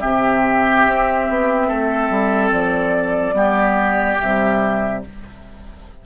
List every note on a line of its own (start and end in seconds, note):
0.00 0.86 C3
0.00 3.33 C4
0.00 1.67 G4
0.00 2.50 E5
0.86 1.28 C4
1.28 1.70 B3
1.67 2.09 A3
1.67 3.34 A4
2.09 2.51 G3
2.51 3.33 F3
2.51 4.18 D5
3.33 4.16 G3
3.33 4.16 B3
3.33 5.03 G4
4.18 5.05 C3
4.18 5.05 G3
4.18 5.02 E5